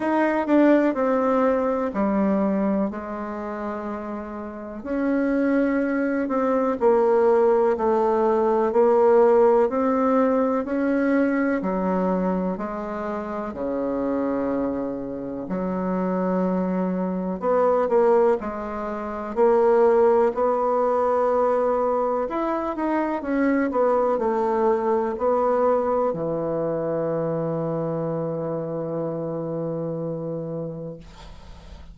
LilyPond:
\new Staff \with { instrumentName = "bassoon" } { \time 4/4 \tempo 4 = 62 dis'8 d'8 c'4 g4 gis4~ | gis4 cis'4. c'8 ais4 | a4 ais4 c'4 cis'4 | fis4 gis4 cis2 |
fis2 b8 ais8 gis4 | ais4 b2 e'8 dis'8 | cis'8 b8 a4 b4 e4~ | e1 | }